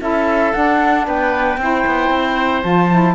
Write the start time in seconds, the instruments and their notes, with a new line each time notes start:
0.00 cello C#4, saxophone E4, oboe A4, flute E5
0.53 saxophone D4, cello D4, flute F#5
1.07 cello B3, oboe B4, flute G5
1.58 cello C4, saxophone E4, oboe C5
1.86 cello B3
2.10 cello C4
2.63 cello F3, saxophone F4, flute A5
2.91 saxophone E4